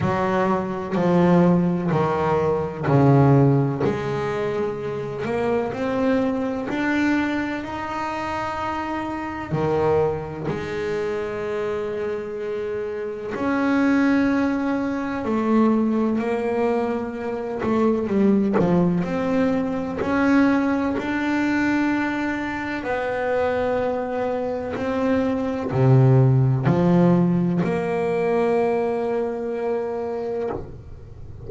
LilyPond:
\new Staff \with { instrumentName = "double bass" } { \time 4/4 \tempo 4 = 63 fis4 f4 dis4 cis4 | gis4. ais8 c'4 d'4 | dis'2 dis4 gis4~ | gis2 cis'2 |
a4 ais4. a8 g8 f8 | c'4 cis'4 d'2 | b2 c'4 c4 | f4 ais2. | }